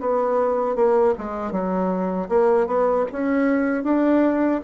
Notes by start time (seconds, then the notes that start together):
0.00 B3
0.76 A#3
1.18 G#3
1.51 F#3
2.29 A#3
2.67 B3
3.12 C#4
3.84 D4